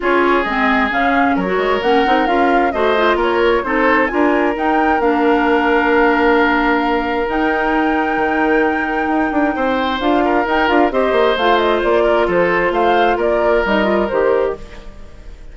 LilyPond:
<<
  \new Staff \with { instrumentName = "flute" } { \time 4/4 \tempo 4 = 132 cis''4 dis''4 f''4 cis''4 | fis''4 f''4 dis''4 cis''4 | c''4 gis''4 g''4 f''4~ | f''1 |
g''1~ | g''2 f''4 g''8 f''8 | dis''4 f''8 dis''8 d''4 c''4 | f''4 d''4 dis''4 c''4 | }
  \new Staff \with { instrumentName = "oboe" } { \time 4/4 gis'2. ais'4~ | ais'2 c''4 ais'4 | a'4 ais'2.~ | ais'1~ |
ais'1~ | ais'4 c''4. ais'4. | c''2~ c''8 ais'8 a'4 | c''4 ais'2. | }
  \new Staff \with { instrumentName = "clarinet" } { \time 4/4 f'4 c'4 cis'4~ cis'16 fis'8. | cis'8 dis'8 f'4 fis'8 f'4. | dis'4 f'4 dis'4 d'4~ | d'1 |
dis'1~ | dis'2 f'4 dis'8 f'8 | g'4 f'2.~ | f'2 dis'8 f'8 g'4 | }
  \new Staff \with { instrumentName = "bassoon" } { \time 4/4 cis'4 gis4 cis4 fis8 gis8 | ais8 c'8 cis'4 a4 ais4 | c'4 d'4 dis'4 ais4~ | ais1 |
dis'2 dis2 | dis'8 d'8 c'4 d'4 dis'8 d'8 | c'8 ais8 a4 ais4 f4 | a4 ais4 g4 dis4 | }
>>